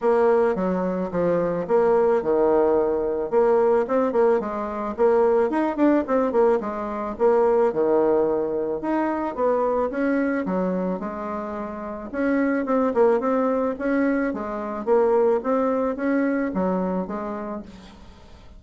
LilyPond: \new Staff \with { instrumentName = "bassoon" } { \time 4/4 \tempo 4 = 109 ais4 fis4 f4 ais4 | dis2 ais4 c'8 ais8 | gis4 ais4 dis'8 d'8 c'8 ais8 | gis4 ais4 dis2 |
dis'4 b4 cis'4 fis4 | gis2 cis'4 c'8 ais8 | c'4 cis'4 gis4 ais4 | c'4 cis'4 fis4 gis4 | }